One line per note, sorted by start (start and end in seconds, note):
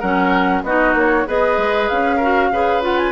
0.00 0.63 F#3
0.00 0.64 C#4
0.00 0.62 A#4
0.00 0.64 F#5
0.63 0.94 B3
0.63 1.27 D#4
0.63 1.28 F#4
0.63 0.95 D#5
0.94 1.25 A#3
0.94 1.29 C#5
1.27 1.58 B3
1.27 2.20 G#4
1.27 2.17 B4
1.27 1.89 D#5
1.58 1.89 G#3
1.89 2.52 C#4
1.89 2.82 F5
2.17 2.53 F#4
2.17 2.48 A#4
2.52 3.12 C#3
2.52 2.82 G#4
2.52 3.12 B4
2.82 3.12 F4
2.82 2.98 F#5
2.98 3.12 G#5